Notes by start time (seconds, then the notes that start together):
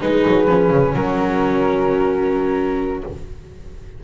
0.00 G#3 D#4 G#4 B4
0.27 F#3
0.48 F3 C#4
0.71 C#3
0.94 F#3 F#4 A#4